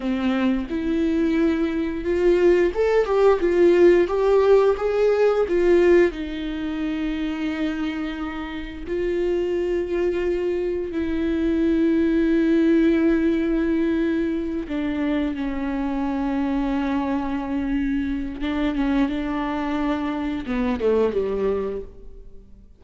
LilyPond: \new Staff \with { instrumentName = "viola" } { \time 4/4 \tempo 4 = 88 c'4 e'2 f'4 | a'8 g'8 f'4 g'4 gis'4 | f'4 dis'2.~ | dis'4 f'2. |
e'1~ | e'4. d'4 cis'4.~ | cis'2. d'8 cis'8 | d'2 b8 a8 g4 | }